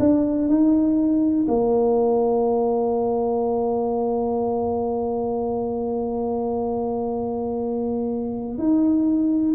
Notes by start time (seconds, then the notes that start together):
0.00 D4
0.48 D#4
1.48 A#3
8.58 D#4